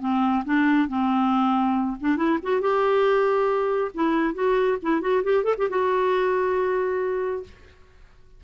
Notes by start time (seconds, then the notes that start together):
0.00 C4
0.44 D4
0.88 C4
2.00 D4
2.16 E4
2.42 F#4
2.61 G4
3.94 E4
4.34 F#4
4.82 E4
5.01 F#4
5.23 G4
5.43 A4
5.57 G4
5.69 F#4